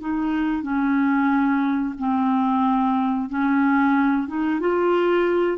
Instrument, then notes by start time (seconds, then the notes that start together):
clarinet
0.00 D#4
0.62 C#4
1.98 C4
3.29 C#4
4.27 D#4
4.59 F4